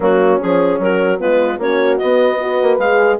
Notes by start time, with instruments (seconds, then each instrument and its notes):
0.00 bassoon F#3, horn A#3 C#4, clarinet F#4
0.39 bassoon F3, horn C#4, clarinet G#4
0.78 bassoon F#3, horn F#4, clarinet A#4
1.19 bassoon G#3, horn B3 F4, clarinet B4
1.58 bassoon A#3, horn C#4 F#4, clarinet C#5
1.98 bassoon B3, clarinet D#5
2.04 horn B3
2.39 horn F#4 B4
2.61 bassoon A#3
2.78 bassoon G#3, horn G#4, clarinet F5